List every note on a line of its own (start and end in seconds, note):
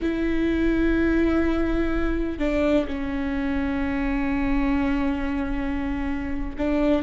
0.01 2.38 E4
2.38 2.86 D4
2.87 6.56 C#4
6.58 7.02 D4